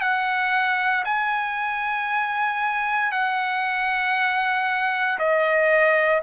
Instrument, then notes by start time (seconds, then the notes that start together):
trumpet
0.00 F#5
1.05 G#5
3.11 F#5
5.19 D#5